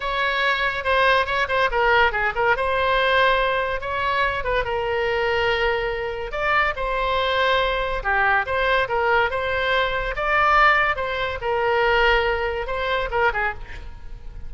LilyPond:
\new Staff \with { instrumentName = "oboe" } { \time 4/4 \tempo 4 = 142 cis''2 c''4 cis''8 c''8 | ais'4 gis'8 ais'8 c''2~ | c''4 cis''4. b'8 ais'4~ | ais'2. d''4 |
c''2. g'4 | c''4 ais'4 c''2 | d''2 c''4 ais'4~ | ais'2 c''4 ais'8 gis'8 | }